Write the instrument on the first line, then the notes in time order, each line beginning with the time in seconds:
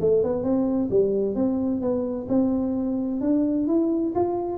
tuba
0.00 A3
0.23 B3
0.43 C4
0.90 G3
1.35 C4
1.81 B3
2.28 C4
3.21 D4
3.67 E4
4.15 F4